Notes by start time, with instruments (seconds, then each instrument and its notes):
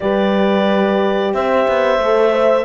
0.00 cello G3, horn G4 B4, clarinet D5
1.33 cello C4, horn C5, clarinet E5
1.67 cello B3
1.98 cello A3, horn A4
2.32 horn C5 E5